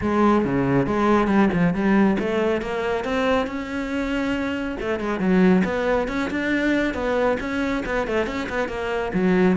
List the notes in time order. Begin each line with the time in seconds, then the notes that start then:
0.01 G#3
0.44 C#3
0.86 G#3
1.27 G3
1.53 F3
1.74 G3
2.19 A3
2.61 A#3
3.04 C4
3.46 C#4
4.80 A3
4.99 G#3
5.19 F#3
5.64 B3
6.08 C#4
6.30 D4
6.93 B3
7.40 C#4
7.85 B3
8.07 A3
8.26 C#4
8.49 B3
8.68 A#3
9.13 F#3